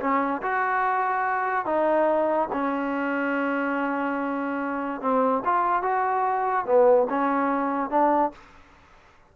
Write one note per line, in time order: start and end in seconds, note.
0.00 0.42 C#4
0.42 1.66 F#4
1.66 2.49 D#4
2.52 5.01 C#4
5.01 5.43 C4
5.45 5.83 F4
5.83 6.66 F#4
6.66 7.08 B3
7.10 7.90 C#4
7.90 8.32 D4